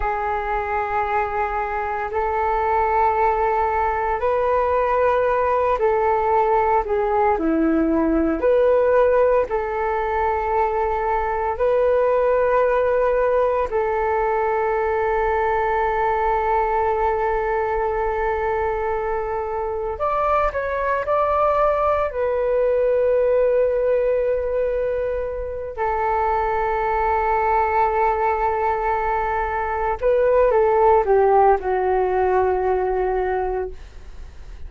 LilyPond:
\new Staff \with { instrumentName = "flute" } { \time 4/4 \tempo 4 = 57 gis'2 a'2 | b'4. a'4 gis'8 e'4 | b'4 a'2 b'4~ | b'4 a'2.~ |
a'2. d''8 cis''8 | d''4 b'2.~ | b'8 a'2.~ a'8~ | a'8 b'8 a'8 g'8 fis'2 | }